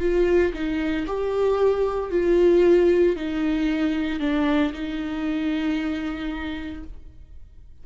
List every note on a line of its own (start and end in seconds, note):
0.00 0.53 F4
0.53 1.06 D#4
1.07 2.11 G4
2.11 3.16 F4
3.16 4.19 D#4
4.19 4.72 D4
4.72 6.83 D#4